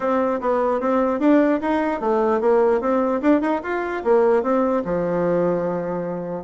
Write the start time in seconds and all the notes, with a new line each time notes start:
0.00 C4
0.40 B3
0.80 C4
1.19 D4
1.61 D#4
2.00 A3
2.41 A#3
2.81 C4
3.21 D4
3.41 D#4
3.63 F4
4.04 A#3
4.42 C4
4.84 F3